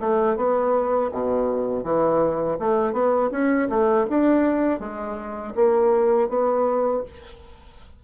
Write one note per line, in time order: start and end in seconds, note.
0.00 0.36 A3
0.36 1.10 B3
1.11 1.84 B2
1.84 2.58 E3
2.59 2.93 A3
2.93 3.30 B3
3.31 3.68 C#4
3.69 4.06 A3
4.09 4.79 D4
4.79 5.54 G#3
5.55 6.29 A#3
6.29 7.03 B3